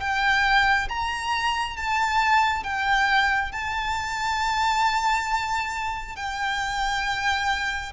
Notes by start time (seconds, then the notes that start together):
0.00 G5
0.89 A#5
1.77 A5
2.64 G5
3.52 A5
6.16 G5